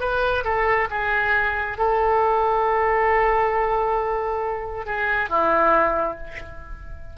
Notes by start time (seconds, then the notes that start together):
0.00 B4
0.45 A4
0.91 G#4
1.78 A4
4.86 G#4
5.29 E4